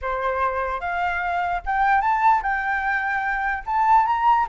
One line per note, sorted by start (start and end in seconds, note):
0.01 0.80 C5
0.80 1.61 F5
1.65 2.01 G5
2.01 2.41 A5
2.42 3.64 G5
3.65 4.06 A5
4.06 4.46 A#5